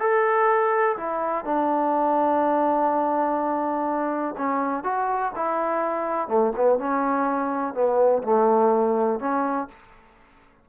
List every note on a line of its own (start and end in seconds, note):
0.00 0.97 A4
0.97 1.45 E4
1.45 4.36 D4
4.38 4.84 C#4
4.84 5.32 F#4
5.36 6.29 E4
6.29 6.53 A3
6.57 6.79 B3
6.79 7.74 C#4
7.74 8.23 B3
8.23 9.20 A3
9.20 9.68 C#4